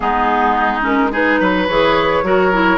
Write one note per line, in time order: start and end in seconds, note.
0.00 1.40 G#3
0.00 0.81 B3
0.00 1.12 D#4
0.00 0.82 G#4
0.81 1.09 C#4
0.81 1.13 A#4
1.11 1.67 D#4
1.11 1.40 G#4
1.11 1.68 B4
1.40 1.68 F#3
1.40 2.24 B4
1.68 2.22 E3
1.68 2.23 G#4
1.68 2.77 C#5
2.22 2.77 F#3
2.22 2.52 F#4
2.22 2.77 A#4
2.52 2.77 E4